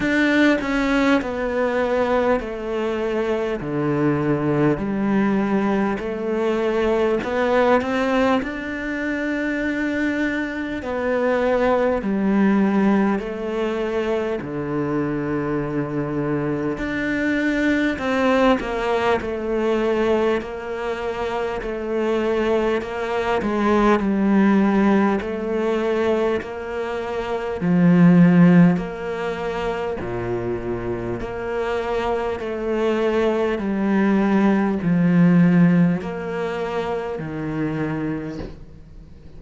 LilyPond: \new Staff \with { instrumentName = "cello" } { \time 4/4 \tempo 4 = 50 d'8 cis'8 b4 a4 d4 | g4 a4 b8 c'8 d'4~ | d'4 b4 g4 a4 | d2 d'4 c'8 ais8 |
a4 ais4 a4 ais8 gis8 | g4 a4 ais4 f4 | ais4 ais,4 ais4 a4 | g4 f4 ais4 dis4 | }